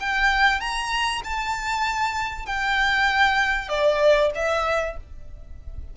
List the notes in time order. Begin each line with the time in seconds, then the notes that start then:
0.00 G5
0.60 A#5
1.24 A5
2.46 G5
3.69 D5
4.35 E5